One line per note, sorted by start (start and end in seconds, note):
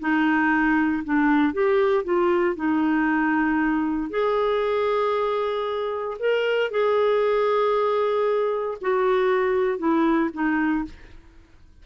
0.00 1.03 D#4
1.05 1.54 D4
1.54 2.04 G4
2.04 2.56 F4
2.56 4.11 D#4
4.11 6.17 G#4
6.20 6.71 A#4
6.71 8.78 G#4
8.82 9.79 F#4
9.79 10.30 E4
10.34 10.85 D#4